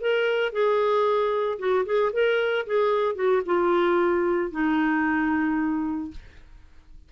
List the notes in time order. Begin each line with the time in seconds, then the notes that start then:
0.00 A#4
0.52 G#4
1.58 F#4
1.85 G#4
2.13 A#4
2.66 G#4
3.15 F#4
3.45 F4
4.51 D#4